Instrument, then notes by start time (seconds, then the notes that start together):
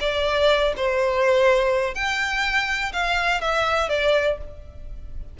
violin
0.00 D5
0.76 C5
1.94 G5
2.92 F5
3.41 E5
3.89 D5